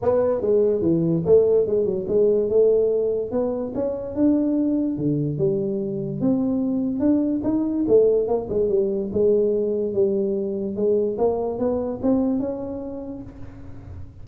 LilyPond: \new Staff \with { instrumentName = "tuba" } { \time 4/4 \tempo 4 = 145 b4 gis4 e4 a4 | gis8 fis8 gis4 a2 | b4 cis'4 d'2 | d4 g2 c'4~ |
c'4 d'4 dis'4 a4 | ais8 gis8 g4 gis2 | g2 gis4 ais4 | b4 c'4 cis'2 | }